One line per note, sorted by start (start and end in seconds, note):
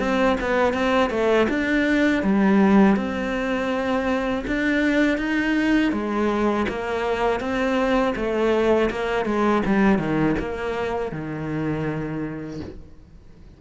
0.00 0.37 C4
0.41 0.74 B3
0.74 1.11 C4
1.11 1.48 A3
1.49 2.23 D4
2.23 2.97 G3
2.97 4.45 C4
4.47 5.19 D4
5.19 5.93 D#4
5.93 6.67 G#3
6.69 7.41 A#3
7.41 8.15 C4
8.16 8.90 A3
8.91 9.26 A#3
9.26 9.63 G#3
9.66 9.99 G3
9.99 10.36 D#3
10.39 11.12 A#3
11.12 12.61 D#3